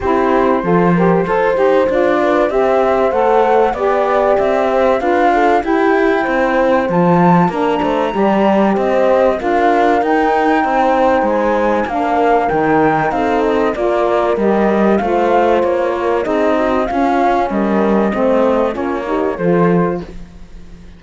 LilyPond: <<
  \new Staff \with { instrumentName = "flute" } { \time 4/4 \tempo 4 = 96 c''2. d''4 | e''4 fis''4 d''4 e''4 | f''4 g''2 a''4 | ais''2 dis''4 f''4 |
g''2 gis''4 f''4 | g''4 f''8 dis''8 d''4 dis''4 | f''4 cis''4 dis''4 f''4 | dis''2 cis''4 c''4 | }
  \new Staff \with { instrumentName = "horn" } { \time 4/4 g'4 a'8 ais'8 c''4. b'8 | c''2 d''4. c''8 | b'8 a'8 g'4 c''2 | ais'8 c''8 d''4 c''4 ais'4~ |
ais'4 c''2 ais'4~ | ais'4 a'4 ais'2 | c''4. ais'8 gis'8 fis'8 f'4 | ais'4 c''4 f'8 g'8 a'4 | }
  \new Staff \with { instrumentName = "saxophone" } { \time 4/4 e'4 f'8 g'8 a'8 g'8 f'4 | g'4 a'4 g'2 | f'4 e'2 f'4 | d'4 g'2 f'4 |
dis'2. d'4 | dis'2 f'4 g'4 | f'2 dis'4 cis'4~ | cis'4 c'4 cis'8 dis'8 f'4 | }
  \new Staff \with { instrumentName = "cello" } { \time 4/4 c'4 f4 f'8 dis'8 d'4 | c'4 a4 b4 c'4 | d'4 e'4 c'4 f4 | ais8 a8 g4 c'4 d'4 |
dis'4 c'4 gis4 ais4 | dis4 c'4 ais4 g4 | a4 ais4 c'4 cis'4 | g4 a4 ais4 f4 | }
>>